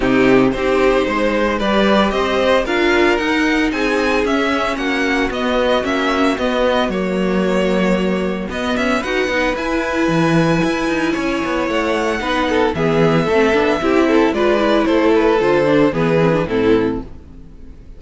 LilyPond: <<
  \new Staff \with { instrumentName = "violin" } { \time 4/4 \tempo 4 = 113 g'4 c''2 d''4 | dis''4 f''4 fis''4 gis''4 | e''4 fis''4 dis''4 e''4 | dis''4 cis''2. |
dis''8 e''8 fis''4 gis''2~ | gis''2 fis''2 | e''2. d''4 | c''8 b'8 c''4 b'4 a'4 | }
  \new Staff \with { instrumentName = "violin" } { \time 4/4 dis'4 g'4 c''4 b'4 | c''4 ais'2 gis'4~ | gis'4 fis'2.~ | fis'1~ |
fis'4 b'2.~ | b'4 cis''2 b'8 a'8 | gis'4 a'4 g'8 a'8 b'4 | a'2 gis'4 e'4 | }
  \new Staff \with { instrumentName = "viola" } { \time 4/4 c'4 dis'2 g'4~ | g'4 f'4 dis'2 | cis'2 b4 cis'4 | b4 ais2. |
b4 fis'8 dis'8 e'2~ | e'2. dis'4 | b4 c'8 d'8 e'4 f'8 e'8~ | e'4 f'8 d'8 b8 c'16 d'16 c'4 | }
  \new Staff \with { instrumentName = "cello" } { \time 4/4 c4 c'4 gis4 g4 | c'4 d'4 dis'4 c'4 | cis'4 ais4 b4 ais4 | b4 fis2. |
b8 cis'8 dis'8 b8 e'4 e4 | e'8 dis'8 cis'8 b8 a4 b4 | e4 a8 b8 c'4 gis4 | a4 d4 e4 a,4 | }
>>